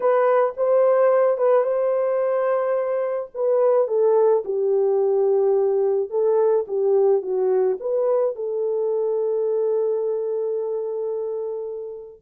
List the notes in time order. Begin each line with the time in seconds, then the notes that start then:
0.00 B4
0.56 C5
1.37 B4
1.63 C5
3.34 B4
3.87 A4
4.44 G4
6.10 A4
6.67 G4
7.22 F#4
7.80 B4
8.35 A4